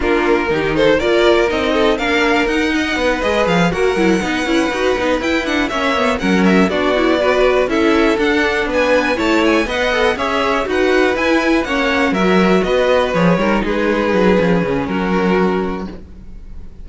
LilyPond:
<<
  \new Staff \with { instrumentName = "violin" } { \time 4/4 \tempo 4 = 121 ais'4. c''8 d''4 dis''4 | f''4 fis''4. dis''8 f''8 fis''8~ | fis''2~ fis''8 g''8 fis''8 e''8~ | e''8 fis''8 e''8 d''2 e''8~ |
e''8 fis''4 gis''4 a''8 gis''8 fis''8~ | fis''8 e''4 fis''4 gis''4 fis''8~ | fis''8 e''4 dis''4 cis''4 b'8~ | b'2 ais'2 | }
  \new Staff \with { instrumentName = "violin" } { \time 4/4 f'4 g'8 a'8 ais'4. a'8 | ais'4. dis''8 b'4. ais'8~ | ais'8 b'2. cis''8~ | cis''8 ais'4 fis'4 b'4 a'8~ |
a'4. b'4 cis''4 dis''8~ | dis''8 cis''4 b'2 cis''8~ | cis''8 ais'4 b'4. ais'8 gis'8~ | gis'2 fis'2 | }
  \new Staff \with { instrumentName = "viola" } { \time 4/4 d'4 dis'4 f'4 dis'4 | d'4 dis'4. gis'4 fis'8 | e'8 dis'8 e'8 fis'8 dis'8 e'8 d'8 cis'8 | b8 cis'4 d'8 e'8 fis'4 e'8~ |
e'8 d'2 e'4 b'8 | a'8 gis'4 fis'4 e'4 cis'8~ | cis'8 fis'2 gis'8 dis'4~ | dis'4 cis'2. | }
  \new Staff \with { instrumentName = "cello" } { \time 4/4 ais4 dis4 ais4 c'4 | ais4 dis'4 b8 gis8 f8 ais8 | fis8 b8 cis'8 dis'8 b8 e'4 ais8~ | ais8 fis4 b2 cis'8~ |
cis'8 d'4 b4 a4 b8~ | b8 cis'4 dis'4 e'4 ais8~ | ais8 fis4 b4 f8 g8 gis8~ | gis8 fis8 f8 cis8 fis2 | }
>>